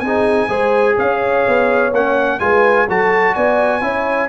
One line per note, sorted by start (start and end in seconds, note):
0.00 0.48 C4
0.00 0.49 D#4
0.00 0.48 G#4
0.00 0.95 G#5
0.48 0.96 G#3
0.48 1.92 G#4
0.48 0.96 C5
0.96 1.46 C#4
0.96 2.39 C#5
0.96 1.94 F5
1.48 1.92 B3
1.92 2.39 A#3
1.92 2.40 C#4
1.92 2.40 F#5
2.40 2.88 G#3
2.40 2.87 F4
2.40 2.87 B4
2.40 2.87 G#5
2.87 3.36 F#3
2.87 3.81 F#4
2.87 3.34 A4
2.87 3.34 A5
3.34 3.81 B3
3.34 3.82 D5
3.34 4.28 G#5
3.81 4.28 C#4
3.81 4.28 E4
3.81 4.28 C#5